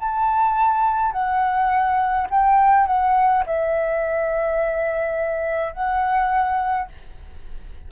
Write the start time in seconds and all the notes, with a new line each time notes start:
0.00 A5
1.13 F#5
2.31 G5
2.87 F#5
3.47 E5
5.73 F#5